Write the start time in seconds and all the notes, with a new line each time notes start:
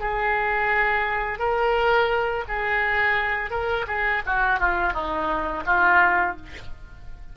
0.00 G#4
1.39 A#4
2.48 G#4
3.50 A#4
3.87 G#4
4.26 F#4
4.60 F4
4.93 D#4
5.66 F4